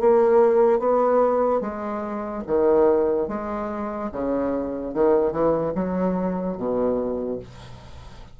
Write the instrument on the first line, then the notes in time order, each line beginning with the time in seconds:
bassoon
0.00 A#3
0.79 B3
1.61 G#3
2.47 D#3
3.28 G#3
4.12 C#3
4.94 D#3
5.32 E3
5.75 F#3
6.57 B2